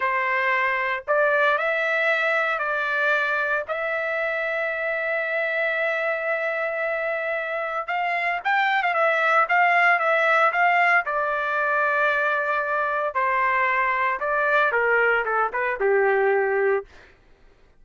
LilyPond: \new Staff \with { instrumentName = "trumpet" } { \time 4/4 \tempo 4 = 114 c''2 d''4 e''4~ | e''4 d''2 e''4~ | e''1~ | e''2. f''4 |
g''8. f''16 e''4 f''4 e''4 | f''4 d''2.~ | d''4 c''2 d''4 | ais'4 a'8 b'8 g'2 | }